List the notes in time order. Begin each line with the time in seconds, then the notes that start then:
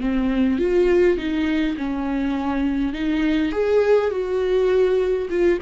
0.00 C4
0.58 F4
1.17 D#4
1.77 C#4
2.93 D#4
3.52 G#4
4.10 F#4
5.29 F4